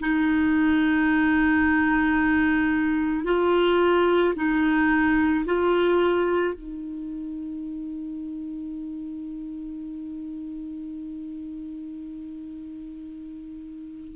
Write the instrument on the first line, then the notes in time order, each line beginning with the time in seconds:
clarinet
0.00 D#4
3.24 F4
4.36 D#4
5.45 F4
6.54 D#4